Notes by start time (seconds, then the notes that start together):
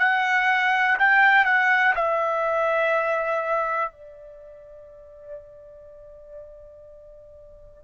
0.00 F#5
0.99 G5
1.45 F#5
1.96 E5
3.93 D5